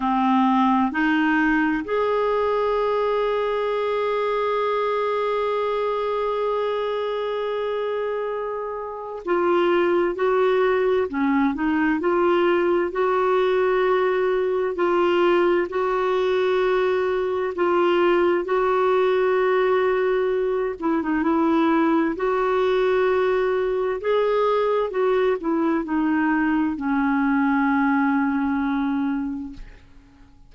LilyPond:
\new Staff \with { instrumentName = "clarinet" } { \time 4/4 \tempo 4 = 65 c'4 dis'4 gis'2~ | gis'1~ | gis'2 f'4 fis'4 | cis'8 dis'8 f'4 fis'2 |
f'4 fis'2 f'4 | fis'2~ fis'8 e'16 dis'16 e'4 | fis'2 gis'4 fis'8 e'8 | dis'4 cis'2. | }